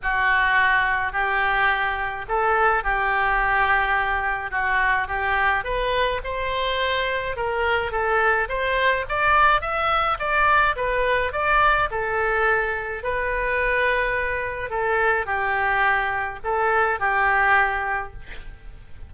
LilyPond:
\new Staff \with { instrumentName = "oboe" } { \time 4/4 \tempo 4 = 106 fis'2 g'2 | a'4 g'2. | fis'4 g'4 b'4 c''4~ | c''4 ais'4 a'4 c''4 |
d''4 e''4 d''4 b'4 | d''4 a'2 b'4~ | b'2 a'4 g'4~ | g'4 a'4 g'2 | }